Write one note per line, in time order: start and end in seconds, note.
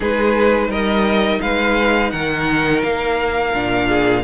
0.00 0.68 G#3
0.00 3.52 D#4
0.00 0.68 G#4
0.00 0.71 B4
0.68 1.39 G3
0.68 1.40 A#4
0.68 1.41 D#5
1.41 2.12 G#3
1.41 2.11 B4
1.41 2.10 F5
2.10 2.83 D#3
2.10 3.87 A#4
2.10 2.81 F#5
2.83 3.54 A#3
2.83 4.24 F5
3.54 4.24 A#2
3.54 4.24 D4
3.87 4.22 G#4